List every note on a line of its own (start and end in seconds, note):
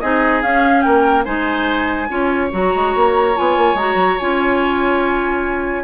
0.00 0.43 C4
0.00 0.43 D#4
0.00 0.84 G#4
0.00 0.42 D#5
0.42 0.84 C#4
0.42 1.24 C#4
0.42 0.81 F5
0.81 1.26 A#3
0.81 1.24 A#4
0.81 1.23 G5
1.24 2.09 G#3
1.24 2.08 D#4
1.24 2.08 C5
1.24 2.50 G#5
2.09 2.51 C#4
2.09 2.51 F4
2.09 5.83 C#5
2.51 2.74 F#3
2.51 3.34 F#4
2.51 3.37 A#5
2.75 2.95 G#3
2.95 3.36 A#3
3.35 3.57 B3
3.35 3.76 F4
3.35 3.77 G#5
3.57 3.74 A#3
3.74 3.94 G#3
3.74 4.19 F#4
3.74 4.18 A#5
3.94 4.15 F#3
4.18 5.83 C#4
4.18 5.83 F4
4.18 5.83 G#5